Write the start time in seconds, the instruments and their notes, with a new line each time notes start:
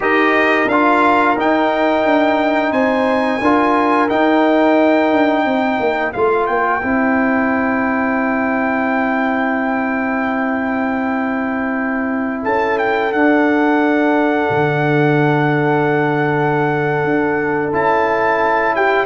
0.00 tuba D#4, trombone G4, horn A#4, trumpet D#5
0.67 tuba D4, trombone F4, trumpet F5
1.36 tuba D#4, trombone D#4, trumpet G5
2.05 tuba D4
2.71 tuba C4, horn C5, trumpet G#5
3.41 tuba D4, trombone F4, horn A#4
4.08 trombone D#4, tuba D#4, trumpet G5
5.11 tuba D4
5.44 tuba C4, horn C5
5.79 tuba A#3
6.12 tuba A3, trombone F4, trumpet F5
6.45 tuba A#3, trumpet G5
6.82 tuba C4, trombone E4
12.43 tuba C#4, horn A4, trumpet A5
12.78 trumpet G5
13.12 tuba D4, trombone D4, trumpet F#5
14.50 tuba D3
17.03 tuba D4
17.72 tuba C#4, trombone E4, trumpet A5
18.75 horn G4, trumpet G5